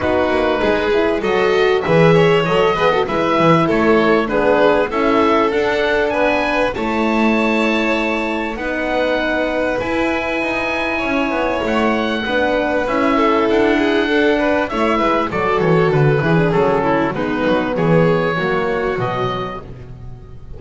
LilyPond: <<
  \new Staff \with { instrumentName = "oboe" } { \time 4/4 \tempo 4 = 98 b'2 dis''4 e''4 | dis''4 e''4 cis''4 b'4 | e''4 fis''4 gis''4 a''4~ | a''2 fis''2 |
gis''2. fis''4~ | fis''4 e''4 fis''2 | e''4 d''8 cis''8 b'4 a'4 | b'4 cis''2 dis''4 | }
  \new Staff \with { instrumentName = "violin" } { \time 4/4 fis'4 gis'4 a'4 b'8 cis''8~ | cis''8 b'16 a'16 b'4 a'4 gis'4 | a'2 b'4 cis''4~ | cis''2 b'2~ |
b'2 cis''2 | b'4. a'4 gis'8 a'8 b'8 | cis''8 b'8 a'4. gis'4 e'8 | dis'4 gis'4 fis'2 | }
  \new Staff \with { instrumentName = "horn" } { \time 4/4 dis'4. e'8 fis'4 gis'4 | a'8 gis'16 fis'16 e'2 d'4 | e'4 d'2 e'4~ | e'2 dis'2 |
e'1 | d'4 e'2 d'4 | e'4 fis'4. e'16 d'16 cis'4 | b2 ais4 fis4 | }
  \new Staff \with { instrumentName = "double bass" } { \time 4/4 b8 ais8 gis4 fis4 e4 | fis8 b8 gis8 e8 a4 b4 | cis'4 d'4 b4 a4~ | a2 b2 |
e'4 dis'4 cis'8 b8 a4 | b4 cis'4 d'2 | a8 gis8 fis8 e8 d8 e8 fis4 | gis8 fis8 e4 fis4 b,4 | }
>>